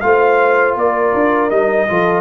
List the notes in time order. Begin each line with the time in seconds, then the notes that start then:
0.00 A3 F4 C5 F5
0.75 A#3 A#4 D5
1.14 D4
1.50 G3 D#4 D#5
1.88 F3 F4 A4